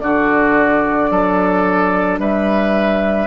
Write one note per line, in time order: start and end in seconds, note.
0.00 1.10 D3
0.00 3.27 D4
0.00 1.11 F#4
0.00 2.18 D5
1.10 2.18 F#3
1.10 2.20 A4
2.18 3.27 G3
2.18 3.27 B4
2.18 3.27 E5